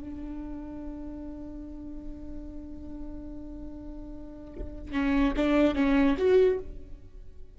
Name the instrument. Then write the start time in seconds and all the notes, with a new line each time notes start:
viola
0.00 D4
4.92 C#4
5.37 D4
5.75 C#4
6.18 F#4